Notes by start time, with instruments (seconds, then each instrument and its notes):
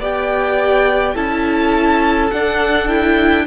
0.00 cello B3, viola G4, violin D5 G5
1.15 cello C#4, viola E4, violin A4 A5
2.31 cello D4, viola D4, violin F#5
2.88 viola E4, violin G5